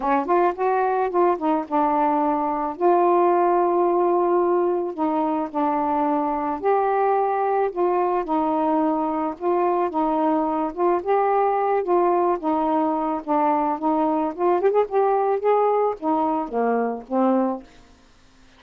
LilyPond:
\new Staff \with { instrumentName = "saxophone" } { \time 4/4 \tempo 4 = 109 cis'8 f'8 fis'4 f'8 dis'8 d'4~ | d'4 f'2.~ | f'4 dis'4 d'2 | g'2 f'4 dis'4~ |
dis'4 f'4 dis'4. f'8 | g'4. f'4 dis'4. | d'4 dis'4 f'8 g'16 gis'16 g'4 | gis'4 dis'4 ais4 c'4 | }